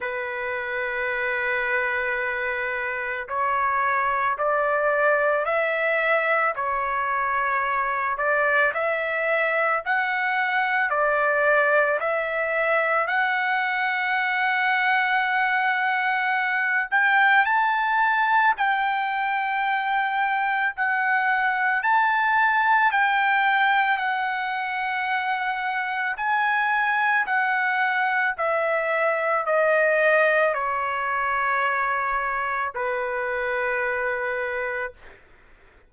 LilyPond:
\new Staff \with { instrumentName = "trumpet" } { \time 4/4 \tempo 4 = 55 b'2. cis''4 | d''4 e''4 cis''4. d''8 | e''4 fis''4 d''4 e''4 | fis''2.~ fis''8 g''8 |
a''4 g''2 fis''4 | a''4 g''4 fis''2 | gis''4 fis''4 e''4 dis''4 | cis''2 b'2 | }